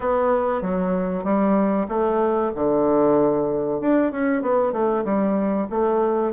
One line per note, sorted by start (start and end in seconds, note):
0.00 0.61 B3
0.61 1.23 F#3
1.23 1.87 G3
1.88 2.51 A3
2.55 3.81 D3
3.81 4.11 D4
4.11 4.42 C#4
4.42 4.72 B3
4.72 5.04 A3
5.04 5.67 G3
5.70 6.32 A3